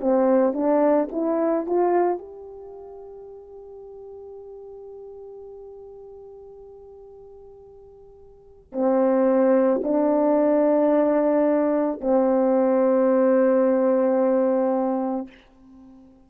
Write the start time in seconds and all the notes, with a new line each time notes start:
0.00 C4
0.54 D4
1.12 E4
1.66 F4
2.18 G4
8.72 C4
9.83 D4
12.00 C4